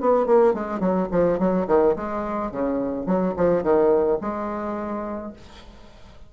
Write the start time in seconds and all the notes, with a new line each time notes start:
0.00 B3
0.26 A#3
0.54 G#3
0.80 F#3
1.11 F3
1.39 F#3
1.67 D#3
1.95 G#3
2.51 C#3
3.06 F#3
3.36 F3
3.63 D#3
4.21 G#3